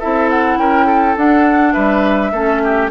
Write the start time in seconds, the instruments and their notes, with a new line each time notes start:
0.00 bassoon C4, clarinet E4, oboe A4, flute E5
0.30 flute F#5
0.58 bassoon C#4, oboe A#4, flute G5
0.86 oboe A4
1.16 bassoon D4, clarinet D4, flute F#5
1.73 bassoon G3, oboe B4, flute E5
2.32 bassoon A3, clarinet C#4, oboe A4
2.64 oboe G4